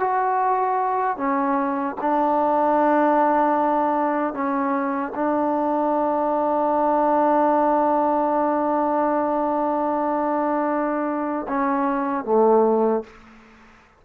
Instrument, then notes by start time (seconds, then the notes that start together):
trombone
0.00 F#4
1.17 C#4
2.01 D4
4.33 C#4
5.15 D4
11.48 C#4
12.25 A3